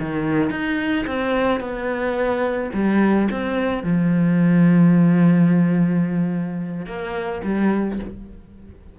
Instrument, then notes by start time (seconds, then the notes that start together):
cello
0.00 D#3
0.51 D#4
1.07 C4
1.61 B3
2.74 G3
3.31 C4
3.84 F3
6.87 A#3
7.45 G3